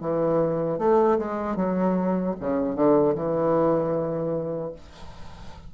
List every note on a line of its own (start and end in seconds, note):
0.00 0.78 E3
0.78 1.18 A3
1.18 1.56 G#3
1.56 2.35 F#3
2.40 2.75 C#3
2.75 3.14 D3
3.14 4.72 E3